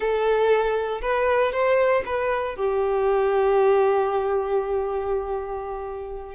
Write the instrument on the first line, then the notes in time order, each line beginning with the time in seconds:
violin
0.00 A4
1.01 B4
1.52 C5
2.05 B4
2.55 G4